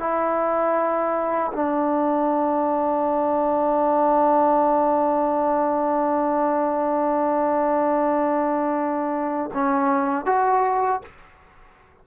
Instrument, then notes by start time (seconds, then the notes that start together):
trombone
0.00 E4
1.53 D4
9.54 C#4
10.26 F#4